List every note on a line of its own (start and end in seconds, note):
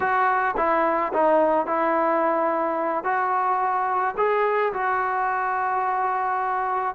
0.00 0.55 F#4
0.56 1.12 E4
1.13 1.66 D#4
1.66 3.04 E4
3.04 4.15 F#4
4.17 4.72 G#4
4.73 6.95 F#4